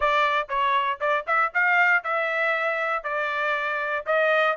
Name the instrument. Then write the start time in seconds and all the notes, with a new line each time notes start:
trumpet
0.00 D5
0.49 C#5
1.00 D5
1.27 E5
1.53 F5
2.03 E5
3.03 D5
4.06 D#5